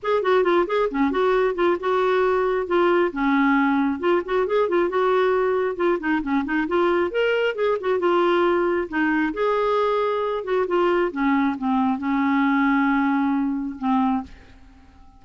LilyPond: \new Staff \with { instrumentName = "clarinet" } { \time 4/4 \tempo 4 = 135 gis'8 fis'8 f'8 gis'8 cis'8 fis'4 f'8 | fis'2 f'4 cis'4~ | cis'4 f'8 fis'8 gis'8 f'8 fis'4~ | fis'4 f'8 dis'8 cis'8 dis'8 f'4 |
ais'4 gis'8 fis'8 f'2 | dis'4 gis'2~ gis'8 fis'8 | f'4 cis'4 c'4 cis'4~ | cis'2. c'4 | }